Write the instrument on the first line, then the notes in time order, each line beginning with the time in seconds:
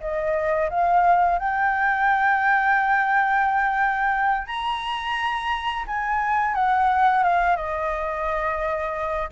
flute
0.00 D#5
0.70 F5
1.38 G5
4.47 A#5
5.87 G#5
6.54 F#5
7.23 F5
7.56 D#5